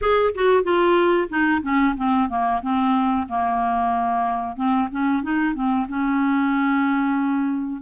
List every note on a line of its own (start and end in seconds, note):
0.01 0.33 G#4
0.34 0.63 F#4
0.63 1.28 F4
1.29 1.61 D#4
1.62 1.94 C#4
1.97 2.29 C4
2.29 2.61 A#3
2.61 3.27 C4
3.28 4.56 A#3
4.56 4.88 C4
4.91 5.23 C#4
5.23 5.54 D#4
5.54 5.86 C4
5.88 7.81 C#4